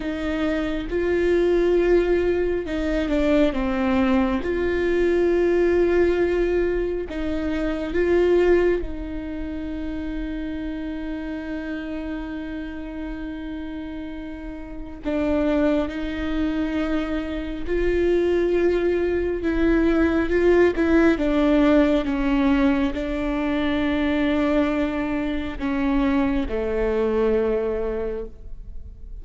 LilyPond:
\new Staff \with { instrumentName = "viola" } { \time 4/4 \tempo 4 = 68 dis'4 f'2 dis'8 d'8 | c'4 f'2. | dis'4 f'4 dis'2~ | dis'1~ |
dis'4 d'4 dis'2 | f'2 e'4 f'8 e'8 | d'4 cis'4 d'2~ | d'4 cis'4 a2 | }